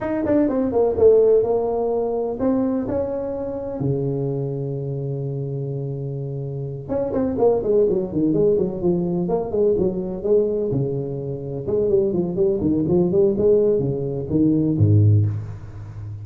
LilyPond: \new Staff \with { instrumentName = "tuba" } { \time 4/4 \tempo 4 = 126 dis'8 d'8 c'8 ais8 a4 ais4~ | ais4 c'4 cis'2 | cis1~ | cis2~ cis8 cis'8 c'8 ais8 |
gis8 fis8 dis8 gis8 fis8 f4 ais8 | gis8 fis4 gis4 cis4.~ | cis8 gis8 g8 f8 g8 dis8 f8 g8 | gis4 cis4 dis4 gis,4 | }